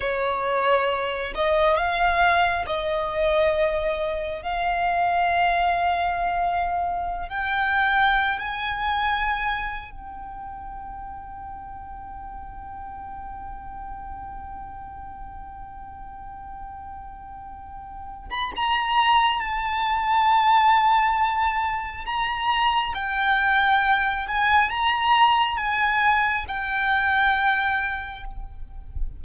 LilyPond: \new Staff \with { instrumentName = "violin" } { \time 4/4 \tempo 4 = 68 cis''4. dis''8 f''4 dis''4~ | dis''4 f''2.~ | f''16 g''4~ g''16 gis''4.~ gis''16 g''8.~ | g''1~ |
g''1~ | g''8. b''16 ais''4 a''2~ | a''4 ais''4 g''4. gis''8 | ais''4 gis''4 g''2 | }